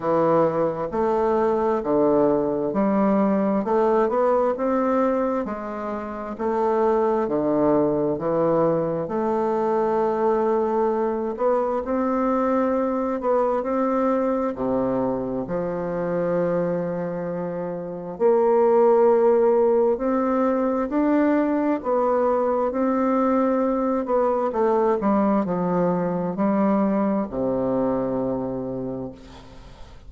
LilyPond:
\new Staff \with { instrumentName = "bassoon" } { \time 4/4 \tempo 4 = 66 e4 a4 d4 g4 | a8 b8 c'4 gis4 a4 | d4 e4 a2~ | a8 b8 c'4. b8 c'4 |
c4 f2. | ais2 c'4 d'4 | b4 c'4. b8 a8 g8 | f4 g4 c2 | }